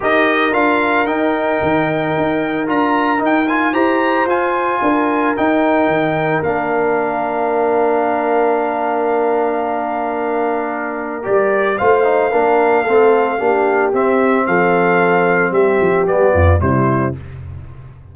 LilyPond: <<
  \new Staff \with { instrumentName = "trumpet" } { \time 4/4 \tempo 4 = 112 dis''4 f''4 g''2~ | g''4 ais''4 g''8 gis''8 ais''4 | gis''2 g''2 | f''1~ |
f''1~ | f''4 d''4 f''2~ | f''2 e''4 f''4~ | f''4 e''4 d''4 c''4 | }
  \new Staff \with { instrumentName = "horn" } { \time 4/4 ais'1~ | ais'2. c''4~ | c''4 ais'2.~ | ais'1~ |
ais'1~ | ais'2 c''4 ais'4 | a'4 g'2 a'4~ | a'4 g'4. f'8 e'4 | }
  \new Staff \with { instrumentName = "trombone" } { \time 4/4 g'4 f'4 dis'2~ | dis'4 f'4 dis'8 f'8 g'4 | f'2 dis'2 | d'1~ |
d'1~ | d'4 g'4 f'8 dis'8 d'4 | c'4 d'4 c'2~ | c'2 b4 g4 | }
  \new Staff \with { instrumentName = "tuba" } { \time 4/4 dis'4 d'4 dis'4 dis4 | dis'4 d'4 dis'4 e'4 | f'4 d'4 dis'4 dis4 | ais1~ |
ais1~ | ais4 g4 a4 ais4 | a4 ais4 c'4 f4~ | f4 g8 f8 g8 f,8 c4 | }
>>